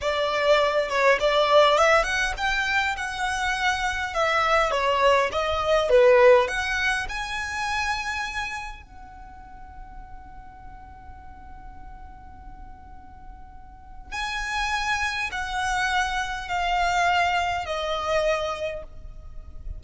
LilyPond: \new Staff \with { instrumentName = "violin" } { \time 4/4 \tempo 4 = 102 d''4. cis''8 d''4 e''8 fis''8 | g''4 fis''2 e''4 | cis''4 dis''4 b'4 fis''4 | gis''2. fis''4~ |
fis''1~ | fis''1 | gis''2 fis''2 | f''2 dis''2 | }